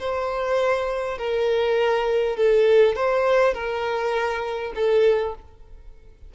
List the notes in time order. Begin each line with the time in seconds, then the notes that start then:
0.00 C5
1.19 A#4
2.37 A4
2.96 C5
3.54 A#4
4.76 A4